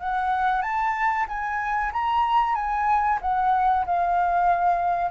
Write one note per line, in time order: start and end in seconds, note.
0.00 0.62 F#5
0.62 1.26 A5
1.28 1.92 G#5
1.93 2.55 A#5
2.55 3.19 G#5
3.21 3.85 F#5
3.86 5.11 F5